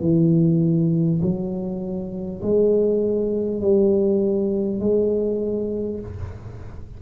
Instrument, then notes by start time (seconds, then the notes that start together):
tuba
0.00 E3
1.22 F#3
2.42 G#3
3.61 G3
4.79 G#3